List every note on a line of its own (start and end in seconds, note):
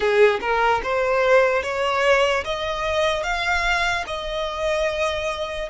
0.00 0.39 G#4
0.41 0.81 A#4
0.83 1.62 C5
1.62 2.43 C#5
2.44 3.23 D#5
3.23 4.04 F5
4.07 5.69 D#5